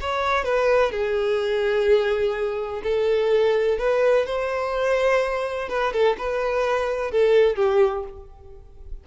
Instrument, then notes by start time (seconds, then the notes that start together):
violin
0.00 C#5
0.44 B4
0.91 G#4
2.83 A4
3.78 B4
4.26 C5
5.68 B4
5.92 A4
6.18 B4
7.11 A4
7.55 G4